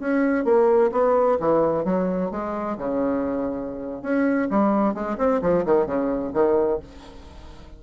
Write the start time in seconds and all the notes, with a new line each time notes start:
0.00 C#4
0.45 A#3
0.92 B3
1.40 E3
1.85 F#3
2.32 G#3
2.78 C#3
4.03 C#4
4.51 G3
4.94 G#3
5.18 C4
5.42 F3
5.66 D#3
5.87 C#3
6.34 D#3